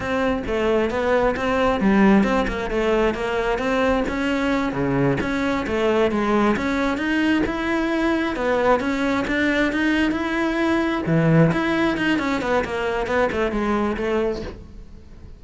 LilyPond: \new Staff \with { instrumentName = "cello" } { \time 4/4 \tempo 4 = 133 c'4 a4 b4 c'4 | g4 c'8 ais8 a4 ais4 | c'4 cis'4. cis4 cis'8~ | cis'8 a4 gis4 cis'4 dis'8~ |
dis'8 e'2 b4 cis'8~ | cis'8 d'4 dis'4 e'4.~ | e'8 e4 e'4 dis'8 cis'8 b8 | ais4 b8 a8 gis4 a4 | }